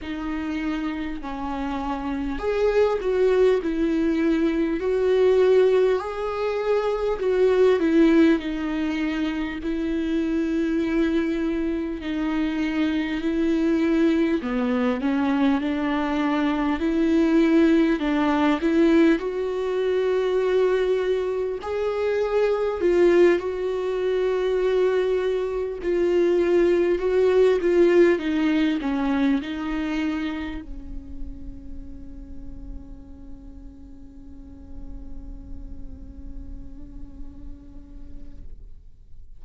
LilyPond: \new Staff \with { instrumentName = "viola" } { \time 4/4 \tempo 4 = 50 dis'4 cis'4 gis'8 fis'8 e'4 | fis'4 gis'4 fis'8 e'8 dis'4 | e'2 dis'4 e'4 | b8 cis'8 d'4 e'4 d'8 e'8 |
fis'2 gis'4 f'8 fis'8~ | fis'4. f'4 fis'8 f'8 dis'8 | cis'8 dis'4 cis'2~ cis'8~ | cis'1 | }